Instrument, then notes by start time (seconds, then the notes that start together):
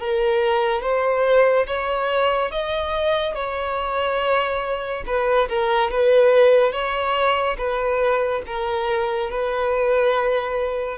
violin
0.00 A#4
0.82 C5
1.67 C#5
2.51 D#5
3.35 C#5
5.06 B4
5.49 A#4
5.91 B4
6.72 C#5
7.57 B4
8.46 A#4
9.30 B4